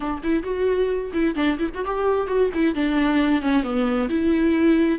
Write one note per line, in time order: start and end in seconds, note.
0.00 0.21 D4
0.23 0.43 E4
0.43 1.11 F#4
1.13 1.35 E4
1.35 1.58 D4
1.58 1.70 E4
1.74 1.85 F#4
1.85 2.27 G4
2.27 2.50 F#4
2.53 2.74 E4
2.74 3.41 D4
3.41 3.63 C#4
3.63 4.08 B3
4.09 4.98 E4